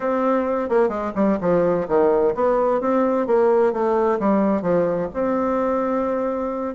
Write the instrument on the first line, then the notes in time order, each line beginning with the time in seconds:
bassoon
0.00 C4
0.69 A#3
0.88 G#3
1.15 G3
1.40 F3
1.88 D#3
2.34 B3
2.80 C4
3.26 A#3
3.73 A3
4.19 G3
4.62 F3
5.13 C4